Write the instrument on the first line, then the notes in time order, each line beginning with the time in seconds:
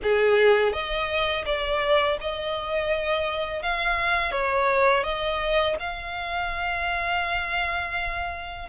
violin
0.02 G#4
0.72 D#5
1.45 D5
2.20 D#5
3.62 F5
4.31 C#5
5.03 D#5
5.79 F5